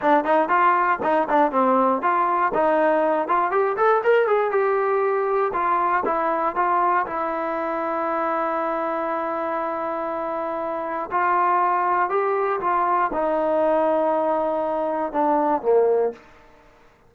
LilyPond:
\new Staff \with { instrumentName = "trombone" } { \time 4/4 \tempo 4 = 119 d'8 dis'8 f'4 dis'8 d'8 c'4 | f'4 dis'4. f'8 g'8 a'8 | ais'8 gis'8 g'2 f'4 | e'4 f'4 e'2~ |
e'1~ | e'2 f'2 | g'4 f'4 dis'2~ | dis'2 d'4 ais4 | }